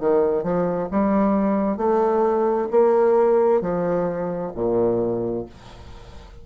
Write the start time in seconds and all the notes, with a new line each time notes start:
0.00 D#3
0.43 F3
0.91 G3
1.77 A3
2.71 A#3
3.61 F3
4.55 A#2